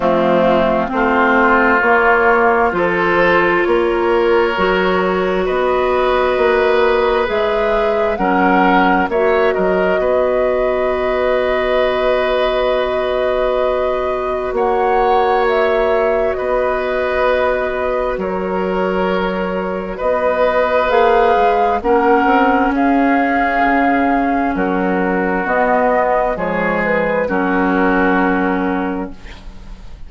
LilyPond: <<
  \new Staff \with { instrumentName = "flute" } { \time 4/4 \tempo 4 = 66 f'4 c''4 cis''4 c''4 | cis''2 dis''2 | e''4 fis''4 e''8 dis''4.~ | dis''1 |
fis''4 e''4 dis''2 | cis''2 dis''4 f''4 | fis''4 f''2 ais'4 | dis''4 cis''8 b'8 ais'2 | }
  \new Staff \with { instrumentName = "oboe" } { \time 4/4 c'4 f'2 a'4 | ais'2 b'2~ | b'4 ais'4 cis''8 ais'8 b'4~ | b'1 |
cis''2 b'2 | ais'2 b'2 | ais'4 gis'2 fis'4~ | fis'4 gis'4 fis'2 | }
  \new Staff \with { instrumentName = "clarinet" } { \time 4/4 a4 c'4 ais4 f'4~ | f'4 fis'2. | gis'4 cis'4 fis'2~ | fis'1~ |
fis'1~ | fis'2. gis'4 | cis'1 | b4 gis4 cis'2 | }
  \new Staff \with { instrumentName = "bassoon" } { \time 4/4 f4 a4 ais4 f4 | ais4 fis4 b4 ais4 | gis4 fis4 ais8 fis8 b4~ | b1 |
ais2 b2 | fis2 b4 ais8 gis8 | ais8 c'8 cis'4 cis4 fis4 | b4 f4 fis2 | }
>>